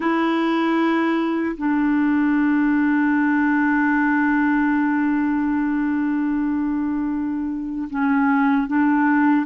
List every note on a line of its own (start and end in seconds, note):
0.00 1.56 E4
1.57 7.88 D4
7.89 8.67 C#4
8.67 9.46 D4